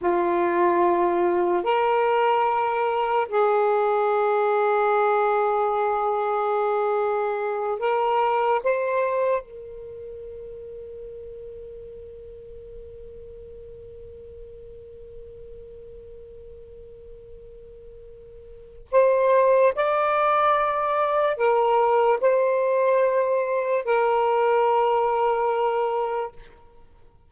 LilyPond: \new Staff \with { instrumentName = "saxophone" } { \time 4/4 \tempo 4 = 73 f'2 ais'2 | gis'1~ | gis'4. ais'4 c''4 ais'8~ | ais'1~ |
ais'1~ | ais'2. c''4 | d''2 ais'4 c''4~ | c''4 ais'2. | }